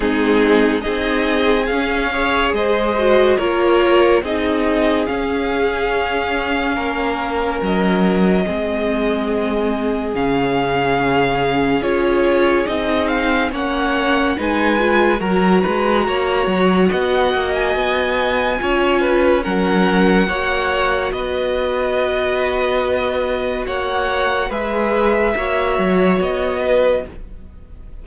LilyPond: <<
  \new Staff \with { instrumentName = "violin" } { \time 4/4 \tempo 4 = 71 gis'4 dis''4 f''4 dis''4 | cis''4 dis''4 f''2~ | f''4 dis''2. | f''2 cis''4 dis''8 f''8 |
fis''4 gis''4 ais''2 | fis''8. gis''2~ gis''16 fis''4~ | fis''4 dis''2. | fis''4 e''2 dis''4 | }
  \new Staff \with { instrumentName = "violin" } { \time 4/4 dis'4 gis'4. cis''8 c''4 | ais'4 gis'2. | ais'2 gis'2~ | gis'1 |
cis''4 b'4 ais'8 b'8 cis''4 | dis''2 cis''8 b'8 ais'4 | cis''4 b'2. | cis''4 b'4 cis''4. b'8 | }
  \new Staff \with { instrumentName = "viola" } { \time 4/4 c'4 dis'4 cis'8 gis'4 fis'8 | f'4 dis'4 cis'2~ | cis'2 c'2 | cis'2 f'4 dis'4 |
cis'4 dis'8 f'8 fis'2~ | fis'2 f'4 cis'4 | fis'1~ | fis'4 gis'4 fis'2 | }
  \new Staff \with { instrumentName = "cello" } { \time 4/4 gis4 c'4 cis'4 gis4 | ais4 c'4 cis'2 | ais4 fis4 gis2 | cis2 cis'4 c'4 |
ais4 gis4 fis8 gis8 ais8 fis8 | b8 ais8 b4 cis'4 fis4 | ais4 b2. | ais4 gis4 ais8 fis8 b4 | }
>>